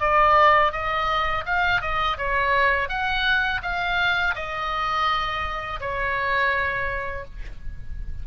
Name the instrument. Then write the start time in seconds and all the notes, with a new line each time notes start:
oboe
0.00 D5
0.72 D#5
1.46 F5
1.81 D#5
2.18 C#5
2.88 F#5
3.62 F5
4.35 D#5
5.80 C#5